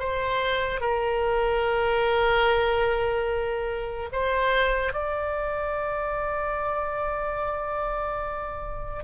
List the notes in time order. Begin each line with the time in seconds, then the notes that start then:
0.00 C5
0.81 A#4
4.12 C5
4.94 D5